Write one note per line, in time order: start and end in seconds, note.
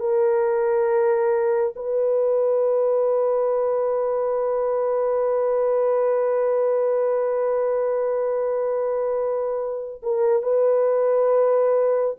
0.00 1.74 A#4
1.76 10.02 B4
10.03 10.43 A#4
10.43 12.17 B4